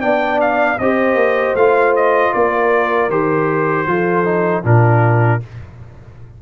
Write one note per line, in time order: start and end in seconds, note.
0.00 0.79 B3
0.00 0.78 D4
0.00 0.77 D5
0.00 0.39 G5
0.40 0.78 F5
0.78 1.14 C4
0.78 1.57 G4
0.78 2.34 C5
0.78 1.55 D#5
1.14 1.53 A#3
1.54 2.31 A3
1.54 3.10 F4
1.54 1.94 F5
1.96 2.33 D#5
2.33 3.08 A#3
2.33 3.88 A#4
2.33 3.10 D5
3.08 3.85 D#3
3.08 3.87 G4
3.08 4.64 C5
3.87 4.63 F3
3.87 4.24 F4
3.87 4.63 A4
4.24 4.63 D#4
4.63 5.41 A#2
4.63 5.40 D4
4.63 5.40 F4
4.63 5.42 A#4